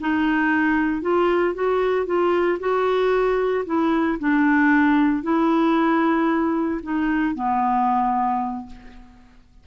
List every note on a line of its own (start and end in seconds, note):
0.00 1.01 D#4
1.01 1.54 F4
1.54 2.06 F#4
2.06 2.58 F4
2.59 3.64 F#4
3.65 4.18 E4
4.19 5.23 D4
5.23 6.81 E4
6.83 7.35 D#4
7.35 8.66 B3